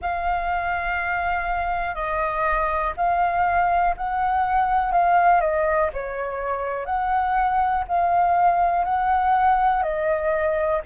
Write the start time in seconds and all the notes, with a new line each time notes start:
0.01 F5
1.94 D#5
2.96 F5
3.97 F#5
4.92 F5
5.41 D#5
5.93 C#5
6.85 F#5
7.87 F5
8.84 F#5
9.83 D#5